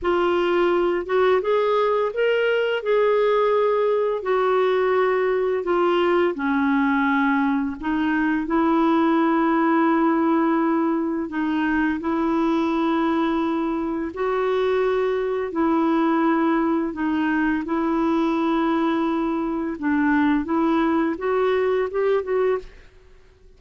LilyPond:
\new Staff \with { instrumentName = "clarinet" } { \time 4/4 \tempo 4 = 85 f'4. fis'8 gis'4 ais'4 | gis'2 fis'2 | f'4 cis'2 dis'4 | e'1 |
dis'4 e'2. | fis'2 e'2 | dis'4 e'2. | d'4 e'4 fis'4 g'8 fis'8 | }